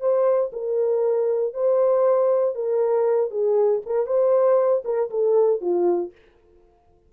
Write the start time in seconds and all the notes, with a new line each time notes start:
0.00 C5
0.52 A#4
1.53 C5
2.54 A#4
3.31 G#4
3.86 A#4
4.06 C5
4.84 A#4
5.10 A4
5.60 F4